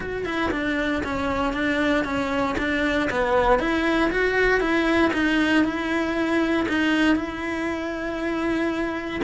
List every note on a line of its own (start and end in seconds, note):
0.00 0.25 F#4
0.25 0.51 E4
0.51 1.02 D4
1.03 1.53 C#4
1.53 2.04 D4
2.04 2.55 C#4
2.58 3.09 D4
3.10 3.59 B3
3.59 4.10 E4
4.10 4.60 F#4
4.60 5.11 E4
5.13 5.64 D#4
5.64 6.66 E4
6.68 7.15 D#4
7.15 9.21 E4